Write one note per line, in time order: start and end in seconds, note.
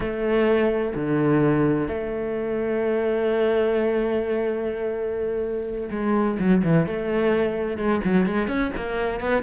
0.00 0.94 A3
0.95 1.88 D3
1.88 5.89 A3
5.90 6.38 G#3
6.39 6.62 F#3
6.63 6.86 E3
6.86 7.77 A3
7.77 8.01 G#3
8.04 8.26 F#3
8.26 8.47 G#3
8.47 8.71 C#4
8.76 9.20 A#3
9.20 9.42 B3